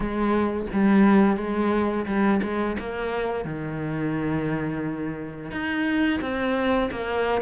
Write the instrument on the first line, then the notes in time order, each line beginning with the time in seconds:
cello
0.00 G#3
0.73 G3
1.36 G#3
2.06 G3
2.42 G#3
2.79 A#3
3.45 D#3
5.51 D#4
6.21 C4
6.91 A#3